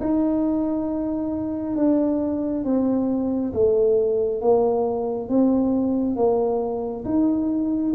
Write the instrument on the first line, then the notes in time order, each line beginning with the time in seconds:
tuba
0.00 D#4
1.76 D4
2.64 C4
3.53 A3
4.41 A#3
5.29 C4
6.16 A#3
7.04 D#4